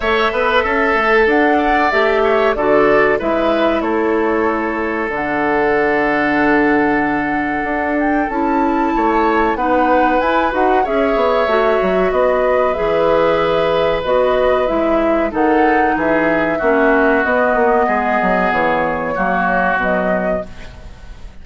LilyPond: <<
  \new Staff \with { instrumentName = "flute" } { \time 4/4 \tempo 4 = 94 e''2 fis''4 e''4 | d''4 e''4 cis''2 | fis''1~ | fis''8 g''8 a''2 fis''4 |
gis''8 fis''8 e''2 dis''4 | e''2 dis''4 e''4 | fis''4 e''2 dis''4~ | dis''4 cis''2 dis''4 | }
  \new Staff \with { instrumentName = "oboe" } { \time 4/4 cis''8 b'8 a'4. d''4 cis''8 | a'4 b'4 a'2~ | a'1~ | a'2 cis''4 b'4~ |
b'4 cis''2 b'4~ | b'1 | a'4 gis'4 fis'2 | gis'2 fis'2 | }
  \new Staff \with { instrumentName = "clarinet" } { \time 4/4 a'2. g'4 | fis'4 e'2. | d'1~ | d'4 e'2 dis'4 |
e'8 fis'8 gis'4 fis'2 | gis'2 fis'4 e'4 | dis'2 cis'4 b4~ | b2 ais4 fis4 | }
  \new Staff \with { instrumentName = "bassoon" } { \time 4/4 a8 b8 cis'8 a8 d'4 a4 | d4 gis4 a2 | d1 | d'4 cis'4 a4 b4 |
e'8 dis'8 cis'8 b8 a8 fis8 b4 | e2 b4 gis4 | dis4 e4 ais4 b8 ais8 | gis8 fis8 e4 fis4 b,4 | }
>>